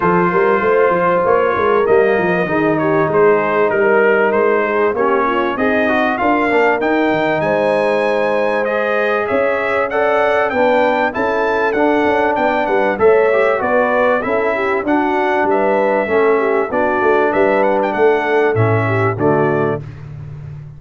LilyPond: <<
  \new Staff \with { instrumentName = "trumpet" } { \time 4/4 \tempo 4 = 97 c''2 cis''4 dis''4~ | dis''8 cis''8 c''4 ais'4 c''4 | cis''4 dis''4 f''4 g''4 | gis''2 dis''4 e''4 |
fis''4 g''4 a''4 fis''4 | g''8 fis''8 e''4 d''4 e''4 | fis''4 e''2 d''4 | e''8 fis''16 g''16 fis''4 e''4 d''4 | }
  \new Staff \with { instrumentName = "horn" } { \time 4/4 a'8 ais'8 c''4. ais'4. | gis'8 g'8 gis'4 ais'4. gis'8 | g'8 f'8 dis'4 ais'2 | c''2. cis''4 |
d''4 b'4 a'2 | d''8 b'8 cis''4 b'4 a'8 g'8 | fis'4 b'4 a'8 g'8 fis'4 | b'4 a'4. g'8 fis'4 | }
  \new Staff \with { instrumentName = "trombone" } { \time 4/4 f'2. ais4 | dis'1 | cis'4 gis'8 fis'8 f'8 d'8 dis'4~ | dis'2 gis'2 |
a'4 d'4 e'4 d'4~ | d'4 a'8 g'8 fis'4 e'4 | d'2 cis'4 d'4~ | d'2 cis'4 a4 | }
  \new Staff \with { instrumentName = "tuba" } { \time 4/4 f8 g8 a8 f8 ais8 gis8 g8 f8 | dis4 gis4 g4 gis4 | ais4 c'4 d'8 ais8 dis'8 dis8 | gis2. cis'4~ |
cis'4 b4 cis'4 d'8 cis'8 | b8 g8 a4 b4 cis'4 | d'4 g4 a4 b8 a8 | g4 a4 a,4 d4 | }
>>